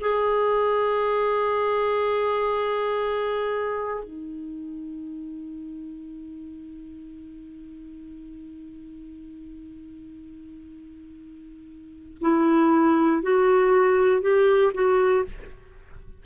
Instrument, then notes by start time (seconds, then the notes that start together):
clarinet
0.00 G#4
4.04 D#4
12.21 E4
13.22 F#4
14.21 G4
14.74 F#4